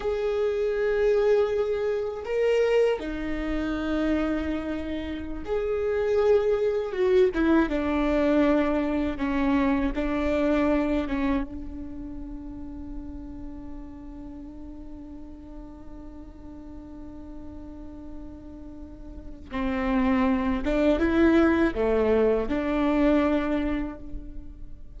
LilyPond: \new Staff \with { instrumentName = "viola" } { \time 4/4 \tempo 4 = 80 gis'2. ais'4 | dis'2.~ dis'16 gis'8.~ | gis'4~ gis'16 fis'8 e'8 d'4.~ d'16~ | d'16 cis'4 d'4. cis'8 d'8.~ |
d'1~ | d'1~ | d'2 c'4. d'8 | e'4 a4 d'2 | }